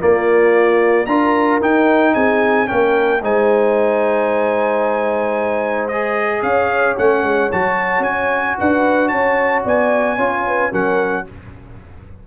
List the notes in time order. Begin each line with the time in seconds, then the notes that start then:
0.00 A#3 F4 D5
1.06 D4 F4 A#4 A#5
1.61 D#4 G5
2.14 C4 G#4 G#5
2.67 A#3 C#4 A#4 G5
3.22 G#3 D#4 C5 G#5
5.89 G#4 D#5
6.43 C#4 C#5 F5
6.98 A3 C#4 F#5
7.23 G#3
7.52 F#3 F#4 A5
8.00 C#4 G#5
8.58 D4 B4 F#5
9.09 C#4 C#5 A5
9.64 B3 D5 G#5
10.17 C#4 F4 C#5
10.47 B4
10.72 F#3 C#4 A#4 F#5